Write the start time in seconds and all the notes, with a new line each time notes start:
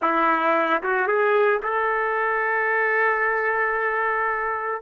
0.01 E4
0.82 F#4
1.07 G#4
1.62 A4